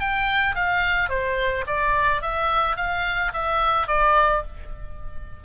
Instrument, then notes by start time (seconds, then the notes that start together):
oboe
0.00 G5
0.55 F5
1.09 C5
1.67 D5
2.22 E5
2.77 F5
3.33 E5
3.87 D5